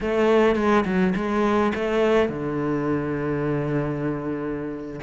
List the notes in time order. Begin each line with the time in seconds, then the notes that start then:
0.00 A3
0.55 G#3
0.85 F#3
1.15 G#3
1.75 A3
2.29 D3